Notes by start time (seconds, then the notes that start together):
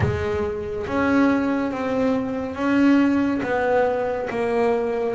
0.00 G#3
0.86 C#4
1.71 C4
2.55 C#4
3.42 B3
4.29 A#3